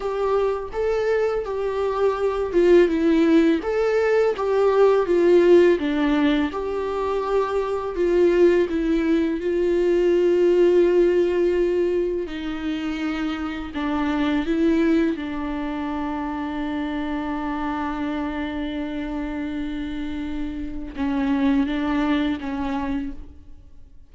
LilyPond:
\new Staff \with { instrumentName = "viola" } { \time 4/4 \tempo 4 = 83 g'4 a'4 g'4. f'8 | e'4 a'4 g'4 f'4 | d'4 g'2 f'4 | e'4 f'2.~ |
f'4 dis'2 d'4 | e'4 d'2.~ | d'1~ | d'4 cis'4 d'4 cis'4 | }